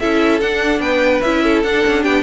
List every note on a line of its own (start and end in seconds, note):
0.00 0.41 C#4
0.00 0.42 E4
0.00 0.82 A4
0.00 0.41 E5
0.41 0.80 D4
0.41 1.24 D4
0.41 0.81 F#5
0.80 1.21 B3
0.80 1.44 B4
0.80 1.21 G5
1.21 1.64 C#4
1.21 1.66 E4
1.21 1.62 E5
1.44 2.03 A4
1.63 1.84 D4
1.63 2.23 D4
1.63 2.04 F#5
1.87 2.06 C#4
2.03 2.23 B3
2.03 2.23 G4
2.03 2.23 G5